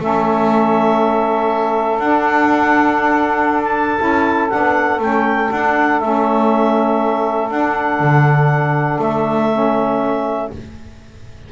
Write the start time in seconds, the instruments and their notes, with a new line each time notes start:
0.00 double bass A3, saxophone C#4 A4, clarinet E5
1.99 double bass D4, saxophone D4, clarinet F#5
3.65 clarinet A5
3.99 double bass C#4, saxophone E4
4.50 double bass B3, saxophone D4, clarinet F#5
4.99 double bass A3, saxophone C#4, clarinet G5
5.52 double bass D4, saxophone D4, clarinet F#5
6.00 double bass A3, saxophone C#4, clarinet E5
7.51 saxophone D4, double bass D4, clarinet F#5
8.00 double bass D3
8.99 double bass A3, clarinet E5
9.52 saxophone C#4